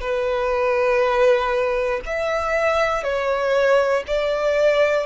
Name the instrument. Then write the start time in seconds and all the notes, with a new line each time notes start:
violin
0.00 B4
2.05 E5
3.03 C#5
4.06 D5